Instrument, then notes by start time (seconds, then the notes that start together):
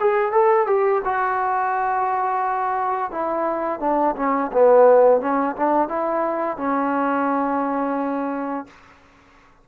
trombone
0.00 G#4
0.32 A4
0.67 G4
1.04 F#4
3.11 E4
3.80 D4
4.16 C#4
4.52 B3
5.21 C#4
5.56 D4
5.88 E4
6.57 C#4